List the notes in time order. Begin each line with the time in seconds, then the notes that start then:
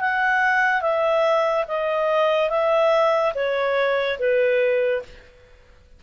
0.00 F#5
0.81 E5
1.68 D#5
2.50 E5
3.34 C#5
4.19 B4